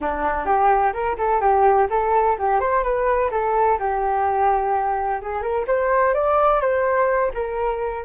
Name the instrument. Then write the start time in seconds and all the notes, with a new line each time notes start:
flute
0.00 D4
0.45 G4
0.93 A#4
1.17 A4
1.40 G4
1.90 A4
2.38 G4
2.60 C5
2.83 B4
3.31 A4
3.79 G4
5.21 G#4
5.42 A#4
5.67 C5
6.14 D5
6.60 C5
7.34 A#4